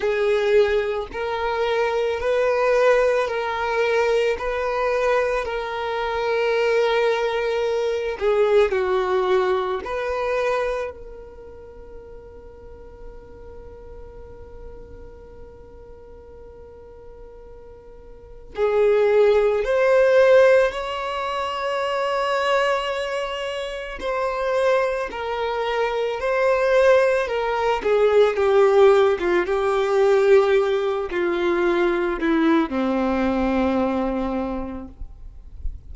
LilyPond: \new Staff \with { instrumentName = "violin" } { \time 4/4 \tempo 4 = 55 gis'4 ais'4 b'4 ais'4 | b'4 ais'2~ ais'8 gis'8 | fis'4 b'4 ais'2~ | ais'1~ |
ais'4 gis'4 c''4 cis''4~ | cis''2 c''4 ais'4 | c''4 ais'8 gis'8 g'8. f'16 g'4~ | g'8 f'4 e'8 c'2 | }